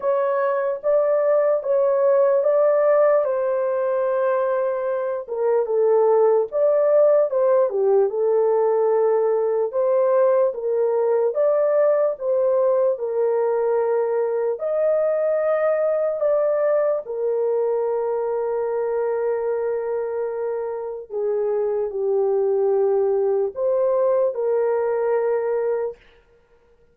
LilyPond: \new Staff \with { instrumentName = "horn" } { \time 4/4 \tempo 4 = 74 cis''4 d''4 cis''4 d''4 | c''2~ c''8 ais'8 a'4 | d''4 c''8 g'8 a'2 | c''4 ais'4 d''4 c''4 |
ais'2 dis''2 | d''4 ais'2.~ | ais'2 gis'4 g'4~ | g'4 c''4 ais'2 | }